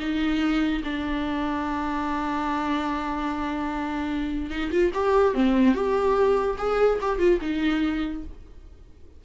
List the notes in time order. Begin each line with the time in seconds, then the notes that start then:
0.00 D#4
0.84 D4
4.51 D#4
4.71 F4
4.94 G4
5.34 C4
5.75 G4
6.58 G#4
7.02 G4
7.19 F4
7.42 D#4